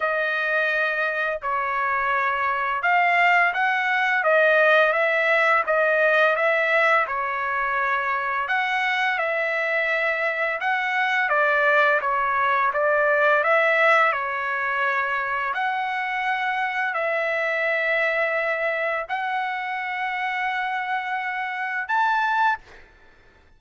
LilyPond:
\new Staff \with { instrumentName = "trumpet" } { \time 4/4 \tempo 4 = 85 dis''2 cis''2 | f''4 fis''4 dis''4 e''4 | dis''4 e''4 cis''2 | fis''4 e''2 fis''4 |
d''4 cis''4 d''4 e''4 | cis''2 fis''2 | e''2. fis''4~ | fis''2. a''4 | }